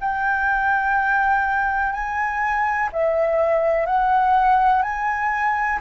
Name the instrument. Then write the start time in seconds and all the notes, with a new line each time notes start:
flute
0.00 G5
1.92 G#5
2.93 E5
3.86 F#5
4.82 G#5